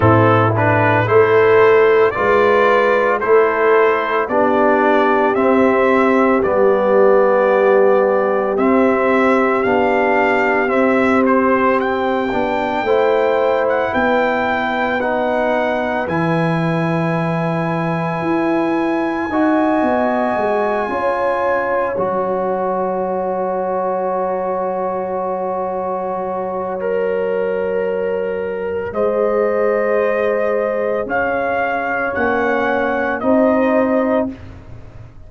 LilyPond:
<<
  \new Staff \with { instrumentName = "trumpet" } { \time 4/4 \tempo 4 = 56 a'8 b'8 c''4 d''4 c''4 | d''4 e''4 d''2 | e''4 f''4 e''8 c''8 g''4~ | g''8. fis''16 g''4 fis''4 gis''4~ |
gis''1~ | gis''8 ais''2.~ ais''8~ | ais''2. dis''4~ | dis''4 f''4 fis''4 dis''4 | }
  \new Staff \with { instrumentName = "horn" } { \time 4/4 e'4 a'4 b'4 a'4 | g'1~ | g'1 | c''4 b'2.~ |
b'2 dis''4. cis''8~ | cis''1~ | cis''2. c''4~ | c''4 cis''2 c''4 | }
  \new Staff \with { instrumentName = "trombone" } { \time 4/4 c'8 d'8 e'4 f'4 e'4 | d'4 c'4 b2 | c'4 d'4 c'4. d'8 | e'2 dis'4 e'4~ |
e'2 fis'4. f'8~ | f'8 fis'2.~ fis'8~ | fis'4 ais'2 gis'4~ | gis'2 cis'4 dis'4 | }
  \new Staff \with { instrumentName = "tuba" } { \time 4/4 a,4 a4 gis4 a4 | b4 c'4 g2 | c'4 b4 c'4. b8 | a4 b2 e4~ |
e4 e'4 dis'8 b8 gis8 cis'8~ | cis'8 fis2.~ fis8~ | fis2. gis4~ | gis4 cis'4 ais4 c'4 | }
>>